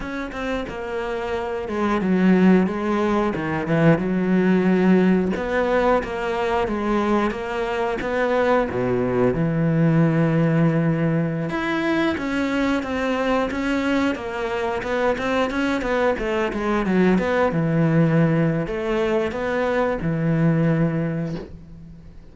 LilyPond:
\new Staff \with { instrumentName = "cello" } { \time 4/4 \tempo 4 = 90 cis'8 c'8 ais4. gis8 fis4 | gis4 dis8 e8 fis2 | b4 ais4 gis4 ais4 | b4 b,4 e2~ |
e4~ e16 e'4 cis'4 c'8.~ | c'16 cis'4 ais4 b8 c'8 cis'8 b16~ | b16 a8 gis8 fis8 b8 e4.~ e16 | a4 b4 e2 | }